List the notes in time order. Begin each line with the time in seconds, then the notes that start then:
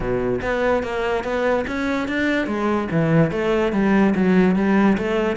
0.00 B2
0.41 B3
0.83 A#3
1.23 B3
1.67 C#4
2.07 D4
2.46 G#3
2.91 E3
3.31 A3
3.72 G3
4.15 F#3
4.55 G3
4.97 A3